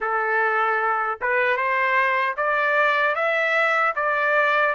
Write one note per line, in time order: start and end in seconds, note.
0.00 1.19 A4
1.21 1.56 B4
1.56 2.35 C5
2.36 3.15 D5
3.15 3.94 E5
3.95 4.74 D5